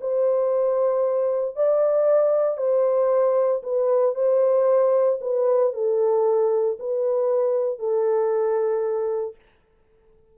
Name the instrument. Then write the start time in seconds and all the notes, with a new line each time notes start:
horn
0.00 C5
1.55 D5
2.57 C5
3.63 B4
4.15 C5
5.21 B4
5.73 A4
6.79 B4
7.79 A4